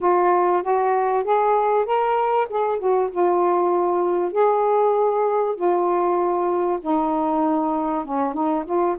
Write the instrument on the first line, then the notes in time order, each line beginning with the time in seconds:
saxophone
0.01 F4
0.62 F#4
1.23 G#4
1.85 A#4
2.49 G#4
2.78 F#4
3.11 F4
4.32 G#4
5.55 F4
6.81 D#4
8.04 C#4
8.33 D#4
8.65 F4